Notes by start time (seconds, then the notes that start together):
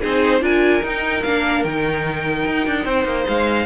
0.00 C4 D#4 G#4 C5
0.40 D4 F4 A#4 G#5
0.83 D#4 G5
1.23 A#3 D4 F5
1.63 D#3 D#4 G5
2.46 D#4
2.66 D4
2.84 C4 C5
3.04 A#3
3.28 G#3 F5